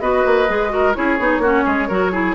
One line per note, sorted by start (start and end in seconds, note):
0.00 0.24 B3
0.00 0.48 F#4
0.00 0.71 B4
0.00 0.94 D#5
0.25 0.49 A#3
0.49 0.96 G#3
0.49 0.69 G#4
0.69 0.93 F#4
0.69 0.96 A#4
0.94 1.19 C#4
0.94 1.18 E4
0.94 1.42 G#4
0.94 2.35 C#5
1.19 1.39 B3
1.19 1.43 D#4
1.39 1.62 A#3
1.39 1.89 C#4
1.39 1.64 F#4
1.64 1.89 G#3
1.64 1.88 G#4
1.88 2.35 F#3
1.88 2.12 F#4
1.88 2.12 A#4
2.12 2.35 E4
2.12 2.35 G#4